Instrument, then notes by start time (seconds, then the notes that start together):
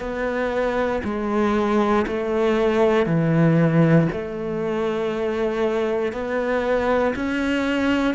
cello
0.00 B3
1.04 G#3
2.08 A3
3.06 E3
4.12 A3
6.12 B3
7.16 C#4